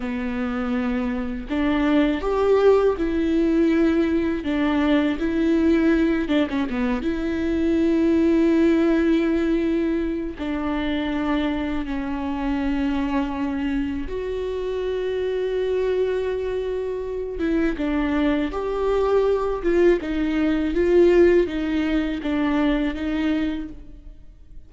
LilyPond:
\new Staff \with { instrumentName = "viola" } { \time 4/4 \tempo 4 = 81 b2 d'4 g'4 | e'2 d'4 e'4~ | e'8 d'16 cis'16 b8 e'2~ e'8~ | e'2 d'2 |
cis'2. fis'4~ | fis'2.~ fis'8 e'8 | d'4 g'4. f'8 dis'4 | f'4 dis'4 d'4 dis'4 | }